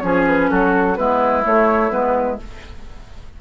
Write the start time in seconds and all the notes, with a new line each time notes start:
0.00 F3 C#4 G#4 C#5
0.27 B4
0.51 F#3 F#4 A4
0.96 G#3 B3 E4 B4
1.44 A3 C#5
1.90 G#3 B3 B4